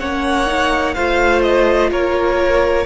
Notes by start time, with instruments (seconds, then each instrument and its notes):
0.00 cello A#3, viola C#4, violin C#5 F#5
0.47 viola D#4
0.94 cello A3, viola F4, violin C5 F5
1.43 violin D#5
1.91 cello A#3, violin A#4 C#5